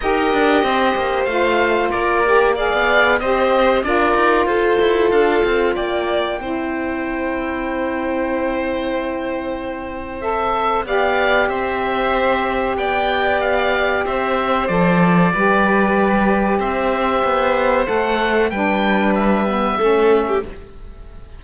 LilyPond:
<<
  \new Staff \with { instrumentName = "oboe" } { \time 4/4 \tempo 4 = 94 dis''2 f''4 d''4 | f''4 dis''4 d''4 c''4 | f''4 g''2.~ | g''1 |
e''4 f''4 e''2 | g''4 f''4 e''4 d''4~ | d''2 e''2 | fis''4 g''4 e''2 | }
  \new Staff \with { instrumentName = "violin" } { \time 4/4 ais'4 c''2 ais'4 | d''4 c''4 ais'4 a'4~ | a'4 d''4 c''2~ | c''1~ |
c''4 d''4 c''2 | d''2 c''2 | b'2 c''2~ | c''4 b'2 a'8. g'16 | }
  \new Staff \with { instrumentName = "saxophone" } { \time 4/4 g'2 f'4. g'8 | gis'4 g'4 f'2~ | f'2 e'2~ | e'1 |
a'4 g'2.~ | g'2. a'4 | g'1 | a'4 d'4. b8 cis'4 | }
  \new Staff \with { instrumentName = "cello" } { \time 4/4 dis'8 d'8 c'8 ais8 a4 ais4~ | ais16 b8. c'4 d'8 dis'8 f'8 e'8 | d'8 c'8 ais4 c'2~ | c'1~ |
c'4 b4 c'2 | b2 c'4 f4 | g2 c'4 b4 | a4 g2 a4 | }
>>